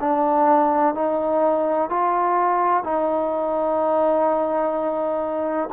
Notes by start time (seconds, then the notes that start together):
0.00 D4
0.94 D#4
1.89 F4
2.84 D#4